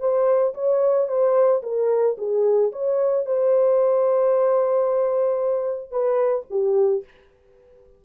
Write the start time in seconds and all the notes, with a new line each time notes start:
0.00 C5
0.55 C#5
1.08 C5
1.63 A#4
2.18 G#4
2.72 C#5
3.26 C5
5.91 B4
6.51 G4